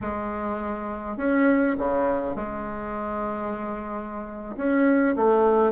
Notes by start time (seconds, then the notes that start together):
0.01 G#3
1.17 C#4
1.78 C#3
2.35 G#3
4.56 C#4
5.16 A3